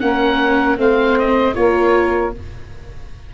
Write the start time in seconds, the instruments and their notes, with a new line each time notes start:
0.00 tuba A#3, viola C#4, saxophone A#4, oboe F#5
0.77 tuba A3, viola C4, saxophone C5, oboe F5
1.19 oboe D#5
1.54 tuba A#3, viola F4, saxophone A#4, oboe C#5